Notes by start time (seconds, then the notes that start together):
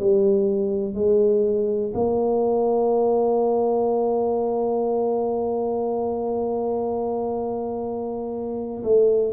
0.00 G3
0.95 G#3
1.95 A#3
8.84 A3